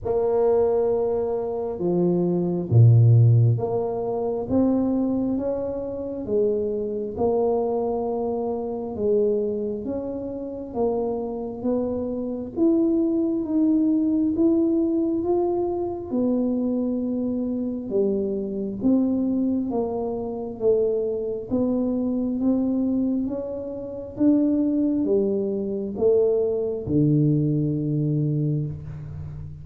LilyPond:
\new Staff \with { instrumentName = "tuba" } { \time 4/4 \tempo 4 = 67 ais2 f4 ais,4 | ais4 c'4 cis'4 gis4 | ais2 gis4 cis'4 | ais4 b4 e'4 dis'4 |
e'4 f'4 b2 | g4 c'4 ais4 a4 | b4 c'4 cis'4 d'4 | g4 a4 d2 | }